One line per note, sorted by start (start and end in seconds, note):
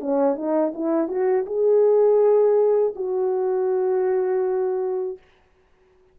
0.00 0.35 C#4
0.35 0.72 D#4
0.74 1.08 E4
1.08 1.45 F#4
1.46 2.94 G#4
2.95 5.18 F#4